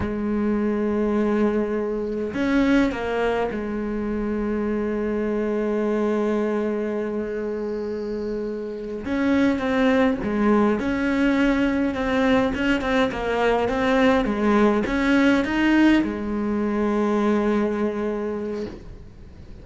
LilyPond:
\new Staff \with { instrumentName = "cello" } { \time 4/4 \tempo 4 = 103 gis1 | cis'4 ais4 gis2~ | gis1~ | gis2.~ gis8 cis'8~ |
cis'8 c'4 gis4 cis'4.~ | cis'8 c'4 cis'8 c'8 ais4 c'8~ | c'8 gis4 cis'4 dis'4 gis8~ | gis1 | }